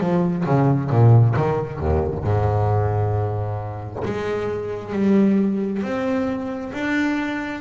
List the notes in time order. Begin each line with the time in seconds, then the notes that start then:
0.00 F3
0.46 C#3
0.90 A#2
1.36 D#3
1.79 D#2
2.24 G#2
4.05 G#3
4.93 G3
5.83 C4
6.73 D4